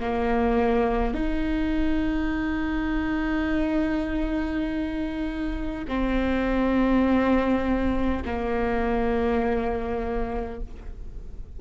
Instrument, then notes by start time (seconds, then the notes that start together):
viola
0.00 A#3
1.14 D#4
5.88 C4
8.26 A#3